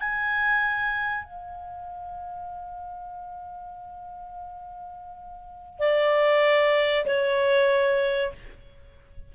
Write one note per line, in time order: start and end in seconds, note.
0.00 1.24 G#5
1.24 5.79 F5
5.79 7.05 D5
7.06 8.32 C#5